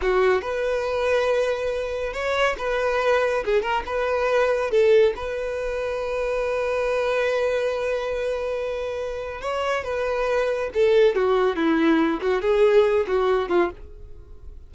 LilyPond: \new Staff \with { instrumentName = "violin" } { \time 4/4 \tempo 4 = 140 fis'4 b'2.~ | b'4 cis''4 b'2 | gis'8 ais'8 b'2 a'4 | b'1~ |
b'1~ | b'2 cis''4 b'4~ | b'4 a'4 fis'4 e'4~ | e'8 fis'8 gis'4. fis'4 f'8 | }